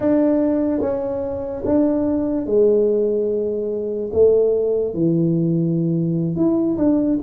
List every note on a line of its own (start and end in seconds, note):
0.00 0.80 D4
0.80 1.63 C#4
1.64 2.45 D4
2.45 4.10 G#3
4.12 4.94 A3
4.94 6.36 E3
6.36 6.77 E4
6.77 7.18 D4